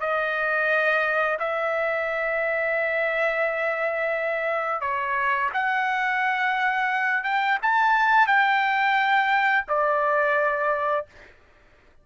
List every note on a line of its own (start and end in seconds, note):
0.00 1.38 D#5
1.39 4.81 E5
4.81 5.50 C#5
5.53 7.24 F#5
7.24 7.58 G5
7.62 8.27 A5
8.27 9.65 G5
9.68 11.06 D5